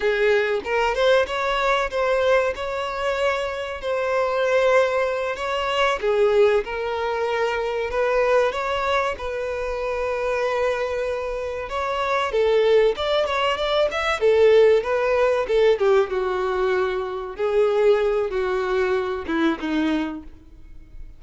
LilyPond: \new Staff \with { instrumentName = "violin" } { \time 4/4 \tempo 4 = 95 gis'4 ais'8 c''8 cis''4 c''4 | cis''2 c''2~ | c''8 cis''4 gis'4 ais'4.~ | ais'8 b'4 cis''4 b'4.~ |
b'2~ b'8 cis''4 a'8~ | a'8 d''8 cis''8 d''8 e''8 a'4 b'8~ | b'8 a'8 g'8 fis'2 gis'8~ | gis'4 fis'4. e'8 dis'4 | }